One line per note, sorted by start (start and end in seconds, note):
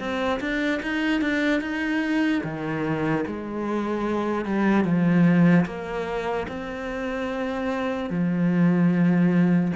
0.00 0.41 C4
0.41 0.81 D4
0.83 1.22 D#4
1.22 1.61 D4
1.61 2.43 D#4
2.44 3.25 D#3
3.27 4.46 G#3
4.46 4.85 G3
4.85 5.66 F3
5.66 6.47 A#3
6.48 8.10 C4
8.10 9.73 F3